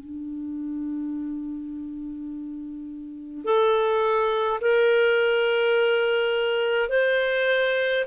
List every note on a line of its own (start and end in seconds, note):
0.00 3.44 D4
3.44 4.59 A4
4.60 6.89 A#4
6.89 8.05 C5